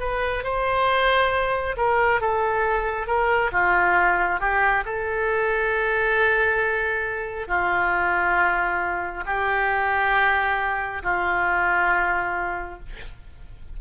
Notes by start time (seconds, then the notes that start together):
0.00 B4
0.44 C5
1.77 A#4
2.21 A4
3.07 A#4
3.53 F4
4.40 G4
4.85 A4
7.48 F4
9.26 G4
11.03 F4